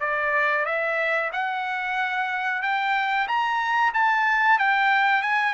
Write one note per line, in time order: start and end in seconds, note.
0.00 0.65 D5
0.65 1.30 E5
1.33 2.62 F#5
2.62 3.27 G5
3.28 3.93 A#5
3.93 4.58 A5
4.58 5.22 G5
5.22 5.53 G#5